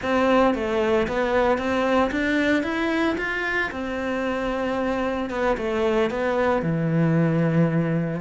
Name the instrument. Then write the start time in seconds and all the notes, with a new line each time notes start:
cello
0.02 C4
0.54 A3
1.07 B3
1.57 C4
2.11 D4
2.63 E4
3.17 F4
3.71 C4
5.30 B3
5.57 A3
6.10 B3
6.62 E3